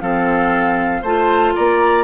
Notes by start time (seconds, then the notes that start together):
0.00 F3 C4 A4 F5
1.01 A3 F4 C5 A5
1.55 A#3 D5 A#5